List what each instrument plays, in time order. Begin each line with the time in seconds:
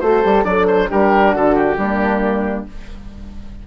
0.00 bassoon A3, horn F#4, flute A4, oboe C5
0.23 bassoon G3, horn G4
0.44 bassoon F#3, flute D4, horn A4, oboe D5
0.67 oboe C5
0.89 bassoon G3, horn D4, flute G4, oboe A#4
1.32 bassoon D3, flute F#4, oboe A4
1.55 oboe G4
1.77 bassoon G3, horn A#3, flute D4